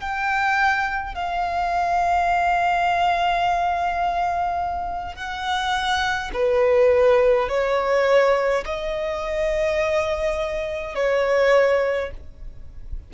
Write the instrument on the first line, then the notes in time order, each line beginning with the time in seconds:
violin
0.00 G5
1.14 F5
5.15 F#5
6.33 B4
7.48 C#5
8.65 D#5
10.95 C#5